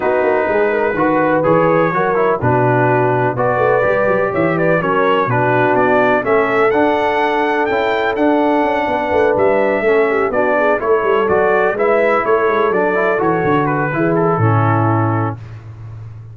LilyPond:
<<
  \new Staff \with { instrumentName = "trumpet" } { \time 4/4 \tempo 4 = 125 b'2. cis''4~ | cis''4 b'2 d''4~ | d''4 e''8 d''8 cis''4 b'4 | d''4 e''4 fis''2 |
g''4 fis''2~ fis''8 e''8~ | e''4. d''4 cis''4 d''8~ | d''8 e''4 cis''4 d''4 cis''8~ | cis''8 b'4 a'2~ a'8 | }
  \new Staff \with { instrumentName = "horn" } { \time 4/4 fis'4 gis'8 ais'8 b'2 | ais'4 fis'2 b'4~ | b'4 cis''8 b'8 ais'4 fis'4~ | fis'4 a'2.~ |
a'2~ a'8 b'4.~ | b'8 a'8 g'8 fis'8 gis'8 a'4.~ | a'8 b'4 a'2~ a'8~ | a'4 gis'4 e'2 | }
  \new Staff \with { instrumentName = "trombone" } { \time 4/4 dis'2 fis'4 gis'4 | fis'8 e'8 d'2 fis'4 | g'2 cis'4 d'4~ | d'4 cis'4 d'2 |
e'4 d'2.~ | d'8 cis'4 d'4 e'4 fis'8~ | fis'8 e'2 d'8 e'8 fis'8~ | fis'4 e'4 cis'2 | }
  \new Staff \with { instrumentName = "tuba" } { \time 4/4 b8 ais8 gis4 dis4 e4 | fis4 b,2 b8 a8 | g8 fis8 e4 fis4 b,4 | b4 a4 d'2 |
cis'4 d'4 cis'8 b8 a8 g8~ | g8 a4 b4 a8 g8 fis8~ | fis8 gis4 a8 gis8 fis4 e8 | d4 e4 a,2 | }
>>